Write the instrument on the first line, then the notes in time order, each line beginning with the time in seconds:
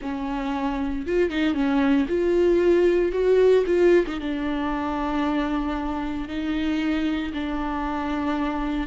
viola
0.01 C#4
1.06 F4
1.30 D#4
1.54 C#4
2.08 F4
3.12 F#4
3.66 F4
4.06 D#4
4.20 D4
6.28 D#4
7.33 D4